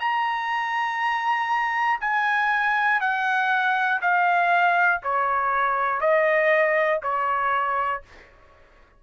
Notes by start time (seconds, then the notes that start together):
0.00 A#5
2.01 G#5
3.01 F#5
4.02 F5
5.04 C#5
6.01 D#5
7.03 C#5